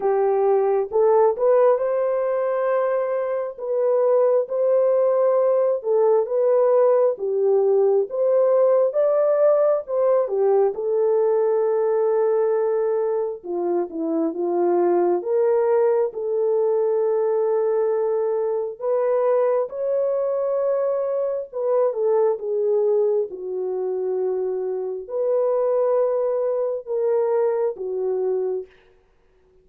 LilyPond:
\new Staff \with { instrumentName = "horn" } { \time 4/4 \tempo 4 = 67 g'4 a'8 b'8 c''2 | b'4 c''4. a'8 b'4 | g'4 c''4 d''4 c''8 g'8 | a'2. f'8 e'8 |
f'4 ais'4 a'2~ | a'4 b'4 cis''2 | b'8 a'8 gis'4 fis'2 | b'2 ais'4 fis'4 | }